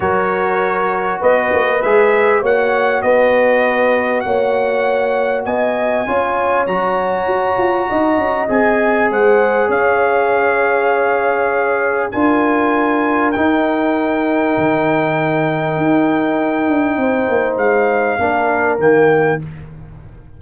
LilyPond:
<<
  \new Staff \with { instrumentName = "trumpet" } { \time 4/4 \tempo 4 = 99 cis''2 dis''4 e''4 | fis''4 dis''2 fis''4~ | fis''4 gis''2 ais''4~ | ais''2 gis''4 fis''4 |
f''1 | gis''2 g''2~ | g''1~ | g''4 f''2 g''4 | }
  \new Staff \with { instrumentName = "horn" } { \time 4/4 ais'2 b'2 | cis''4 b'2 cis''4~ | cis''4 dis''4 cis''2~ | cis''4 dis''2 c''4 |
cis''1 | ais'1~ | ais'1 | c''2 ais'2 | }
  \new Staff \with { instrumentName = "trombone" } { \time 4/4 fis'2. gis'4 | fis'1~ | fis'2 f'4 fis'4~ | fis'2 gis'2~ |
gis'1 | f'2 dis'2~ | dis'1~ | dis'2 d'4 ais4 | }
  \new Staff \with { instrumentName = "tuba" } { \time 4/4 fis2 b8 ais8 gis4 | ais4 b2 ais4~ | ais4 b4 cis'4 fis4 | fis'8 f'8 dis'8 cis'8 c'4 gis4 |
cis'1 | d'2 dis'2 | dis2 dis'4. d'8 | c'8 ais8 gis4 ais4 dis4 | }
>>